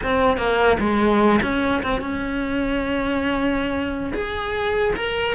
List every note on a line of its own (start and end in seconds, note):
0.03 0.37 C4
0.37 0.77 A#3
0.79 1.40 G#3
1.42 1.82 C#4
1.82 2.00 C4
2.00 4.12 C#4
4.13 4.93 G#4
4.95 5.35 A#4